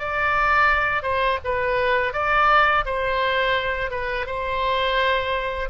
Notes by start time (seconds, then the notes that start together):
0.00 D5
1.03 C5
1.44 B4
2.13 D5
2.86 C5
3.91 B4
4.27 C5